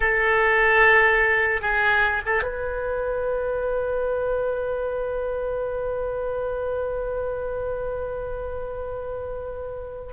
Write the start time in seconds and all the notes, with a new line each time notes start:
0.00 A4
1.61 G#4
2.25 A4
2.43 B4